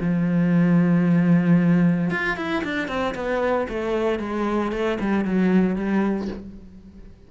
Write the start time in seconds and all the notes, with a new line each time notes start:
0.00 F3
2.10 F4
2.37 E4
2.64 D4
2.88 C4
3.15 B3
3.68 A3
4.19 G#3
4.72 A3
5.00 G3
5.25 F#3
5.75 G3